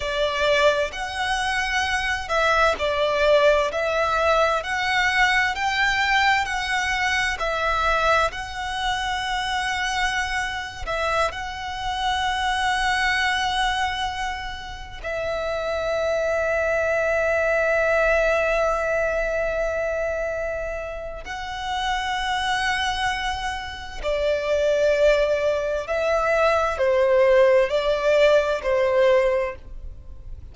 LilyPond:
\new Staff \with { instrumentName = "violin" } { \time 4/4 \tempo 4 = 65 d''4 fis''4. e''8 d''4 | e''4 fis''4 g''4 fis''4 | e''4 fis''2~ fis''8. e''16~ | e''16 fis''2.~ fis''8.~ |
fis''16 e''2.~ e''8.~ | e''2. fis''4~ | fis''2 d''2 | e''4 c''4 d''4 c''4 | }